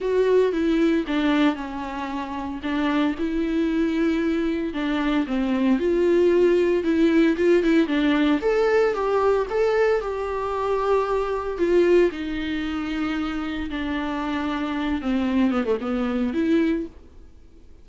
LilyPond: \new Staff \with { instrumentName = "viola" } { \time 4/4 \tempo 4 = 114 fis'4 e'4 d'4 cis'4~ | cis'4 d'4 e'2~ | e'4 d'4 c'4 f'4~ | f'4 e'4 f'8 e'8 d'4 |
a'4 g'4 a'4 g'4~ | g'2 f'4 dis'4~ | dis'2 d'2~ | d'8 c'4 b16 a16 b4 e'4 | }